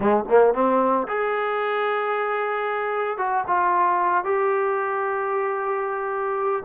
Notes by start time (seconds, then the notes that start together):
0.00 G#3
0.28 A#3
0.54 C4
1.07 G#4
3.17 F#4
3.47 F4
4.24 G4